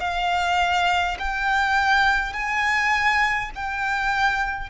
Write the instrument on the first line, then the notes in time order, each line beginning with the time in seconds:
violin
0.00 F5
1.19 G5
2.33 G#5
3.55 G5